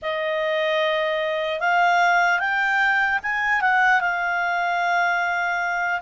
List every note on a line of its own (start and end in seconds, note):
0.01 1.60 D#5
1.60 2.39 F5
2.39 3.19 G5
3.23 3.61 G#5
3.61 4.00 F#5
4.00 6.00 F5